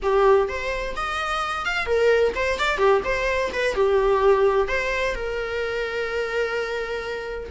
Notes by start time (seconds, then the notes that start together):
0.02 G4
0.48 C5
0.95 D#5
1.65 F5
1.86 A#4
2.35 C5
2.59 D5
2.77 G4
3.04 C5
3.53 B4
3.74 G4
4.68 C5
5.14 A#4